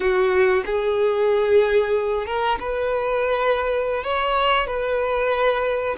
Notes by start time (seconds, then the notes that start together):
0.00 F#4
0.65 G#4
2.26 A#4
2.59 B4
4.03 C#5
4.67 B4